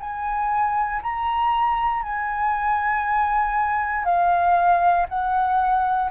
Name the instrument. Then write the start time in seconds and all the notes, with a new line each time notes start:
flute
0.00 G#5
1.03 A#5
2.03 G#5
4.05 F5
5.09 F#5